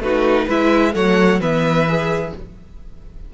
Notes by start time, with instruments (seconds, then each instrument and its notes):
0.00 cello A3, viola D#4, violin F#4 B4
0.46 cello G#3, viola E4, violin B4 E5
0.94 cello F#3, viola A3, violin C#5 F#5
1.40 cello E3, viola B3, violin B4 E5
1.88 viola G#4